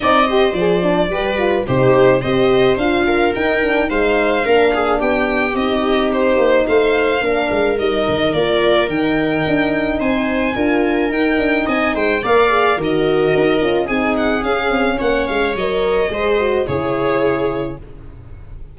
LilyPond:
<<
  \new Staff \with { instrumentName = "violin" } { \time 4/4 \tempo 4 = 108 dis''4 d''2 c''4 | dis''4 f''4 g''4 f''4~ | f''4 g''4 dis''4 c''4 | f''2 dis''4 d''4 |
g''2 gis''2 | g''4 gis''8 g''8 f''4 dis''4~ | dis''4 gis''8 fis''8 f''4 fis''8 f''8 | dis''2 cis''2 | }
  \new Staff \with { instrumentName = "viola" } { \time 4/4 d''8 c''4. b'4 g'4 | c''4. ais'4. c''4 | ais'8 gis'8 g'2. | c''4 ais'2.~ |
ais'2 c''4 ais'4~ | ais'4 dis''8 c''8 d''4 ais'4~ | ais'4 gis'2 cis''4~ | cis''4 c''4 gis'2 | }
  \new Staff \with { instrumentName = "horn" } { \time 4/4 dis'8 g'8 gis'8 d'8 g'8 f'8 dis'4 | g'4 f'4 dis'8 d'8 dis'4 | d'2 dis'2~ | dis'4 d'4 dis'4 f'4 |
dis'2. f'4 | dis'2 ais'8 gis'8 fis'4~ | fis'8 f'8 dis'4 cis'2 | ais'4 gis'8 fis'8 e'2 | }
  \new Staff \with { instrumentName = "tuba" } { \time 4/4 c'4 f4 g4 c4 | c'4 d'4 dis'4 gis4 | ais4 b4 c'4. ais8 | a4 ais8 gis8 g8 dis8 ais4 |
dis4 d'4 c'4 d'4 | dis'8 d'8 c'8 gis8 ais4 dis4 | dis'8 cis'8 c'4 cis'8 c'8 ais8 gis8 | fis4 gis4 cis2 | }
>>